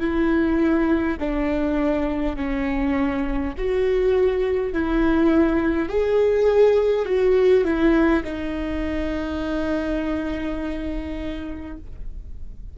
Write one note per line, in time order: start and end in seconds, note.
0.00 1.18 E4
1.20 2.36 D4
2.36 3.54 C#4
3.58 4.73 F#4
4.73 5.89 E4
5.89 7.06 G#4
7.06 7.65 F#4
7.65 8.24 E4
8.25 11.78 D#4